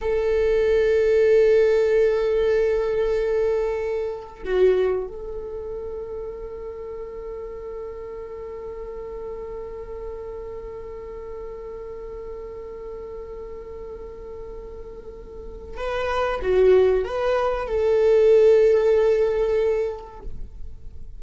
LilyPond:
\new Staff \with { instrumentName = "viola" } { \time 4/4 \tempo 4 = 95 a'1~ | a'2. fis'4 | a'1~ | a'1~ |
a'1~ | a'1~ | a'4 b'4 fis'4 b'4 | a'1 | }